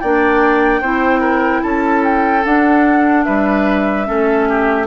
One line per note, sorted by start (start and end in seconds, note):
0.00 0.81 A#3
0.00 0.83 D4
0.00 0.81 D5
0.00 1.62 G5
0.81 1.62 C4
0.81 2.44 E4
0.81 1.20 C5
1.20 1.61 A#4
1.62 2.44 C#4
1.62 3.25 A4
1.62 2.03 A5
2.04 2.44 G5
2.44 4.05 D4
2.44 3.26 D4
2.44 3.24 F#5
3.24 4.08 G3
3.24 4.06 B4
3.24 4.86 E5
4.05 4.87 A3
4.05 4.86 C#4
4.05 4.48 A4
4.49 4.87 G4